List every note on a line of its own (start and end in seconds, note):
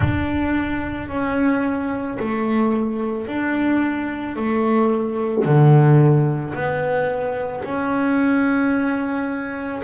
0.00 1.08 D4
1.08 2.17 C#4
2.19 3.27 A3
3.27 4.36 D4
4.36 5.44 A3
5.44 6.54 D3
6.54 7.63 B3
7.64 9.82 C#4